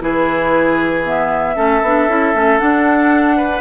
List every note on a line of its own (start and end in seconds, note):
0.00 1.56 E3
0.00 1.03 E4
0.00 1.56 G#4
0.00 1.05 B4
1.05 1.55 B3
1.05 2.59 E5
1.55 1.82 A3
1.55 1.81 C#4
1.55 3.37 A4
1.82 2.08 B3
1.82 2.09 D4
2.08 2.34 C#4
2.08 2.34 E4
2.34 2.60 A3
2.34 2.59 C#4
2.59 3.61 D4
2.59 3.61 F#5
3.37 3.61 B4